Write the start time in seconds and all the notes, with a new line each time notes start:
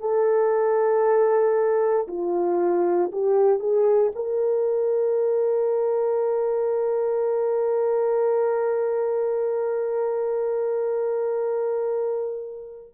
0.00 A4
2.08 F4
3.12 G4
3.60 G#4
4.15 A#4